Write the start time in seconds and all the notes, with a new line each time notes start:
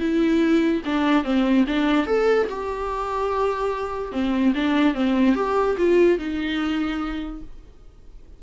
0.00 E4
0.85 D4
1.24 C4
1.68 D4
2.07 A4
2.49 G4
4.12 C4
4.55 D4
4.95 C4
5.36 G4
5.78 F4
6.19 D#4